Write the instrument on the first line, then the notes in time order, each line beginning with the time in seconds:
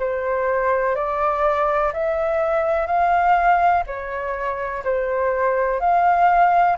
flute
0.00 C5
0.96 D5
1.94 E5
2.87 F5
3.87 C#5
4.85 C5
5.81 F5